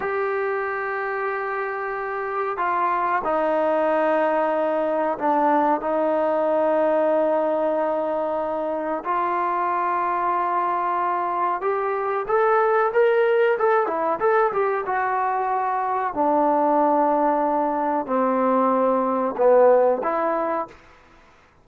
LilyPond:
\new Staff \with { instrumentName = "trombone" } { \time 4/4 \tempo 4 = 93 g'1 | f'4 dis'2. | d'4 dis'2.~ | dis'2 f'2~ |
f'2 g'4 a'4 | ais'4 a'8 e'8 a'8 g'8 fis'4~ | fis'4 d'2. | c'2 b4 e'4 | }